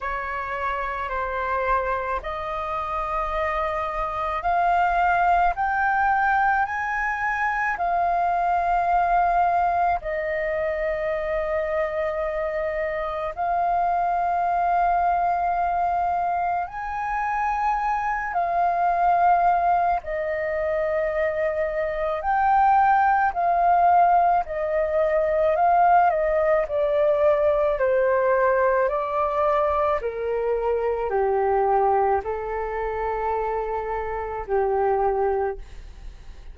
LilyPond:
\new Staff \with { instrumentName = "flute" } { \time 4/4 \tempo 4 = 54 cis''4 c''4 dis''2 | f''4 g''4 gis''4 f''4~ | f''4 dis''2. | f''2. gis''4~ |
gis''8 f''4. dis''2 | g''4 f''4 dis''4 f''8 dis''8 | d''4 c''4 d''4 ais'4 | g'4 a'2 g'4 | }